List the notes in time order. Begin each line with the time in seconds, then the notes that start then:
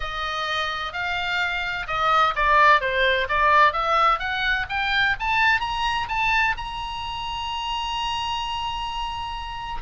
0.00 D#5
0.92 F5
1.87 D#5
2.35 D5
2.80 C5
3.28 D5
3.72 E5
4.19 F#5
4.69 G5
5.19 A5
5.60 A#5
6.08 A5
6.57 A#5